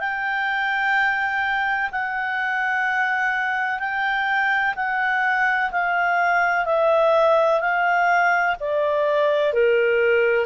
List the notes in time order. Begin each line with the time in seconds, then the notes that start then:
0.00 G5
1.92 F#5
3.79 G5
4.76 F#5
5.71 F5
6.65 E5
7.61 F5
8.60 D5
9.53 A#4